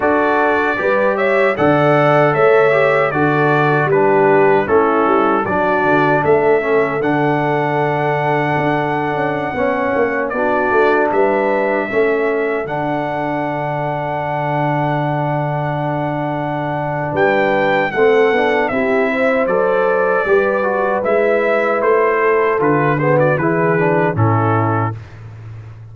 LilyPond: <<
  \new Staff \with { instrumentName = "trumpet" } { \time 4/4 \tempo 4 = 77 d''4. e''8 fis''4 e''4 | d''4 b'4 a'4 d''4 | e''4 fis''2.~ | fis''4~ fis''16 d''4 e''4.~ e''16~ |
e''16 fis''2.~ fis''8.~ | fis''2 g''4 fis''4 | e''4 d''2 e''4 | c''4 b'8 c''16 d''16 b'4 a'4 | }
  \new Staff \with { instrumentName = "horn" } { \time 4/4 a'4 b'8 cis''8 d''4 cis''4 | a'4 g'4 e'4 fis'4 | a'1~ | a'16 cis''4 fis'4 b'4 a'8.~ |
a'1~ | a'2 b'4 a'4 | g'8 c''4. b'2~ | b'8 a'4 gis'16 fis'16 gis'4 e'4 | }
  \new Staff \with { instrumentName = "trombone" } { \time 4/4 fis'4 g'4 a'4. g'8 | fis'4 d'4 cis'4 d'4~ | d'8 cis'8 d'2.~ | d'16 cis'4 d'2 cis'8.~ |
cis'16 d'2.~ d'8.~ | d'2. c'8 d'8 | e'4 a'4 g'8 fis'8 e'4~ | e'4 f'8 b8 e'8 d'8 cis'4 | }
  \new Staff \with { instrumentName = "tuba" } { \time 4/4 d'4 g4 d4 a4 | d4 g4 a8 g8 fis8 d8 | a4 d2 d'8. cis'16~ | cis'16 b8 ais8 b8 a8 g4 a8.~ |
a16 d2.~ d8.~ | d2 g4 a8 b8 | c'4 fis4 g4 gis4 | a4 d4 e4 a,4 | }
>>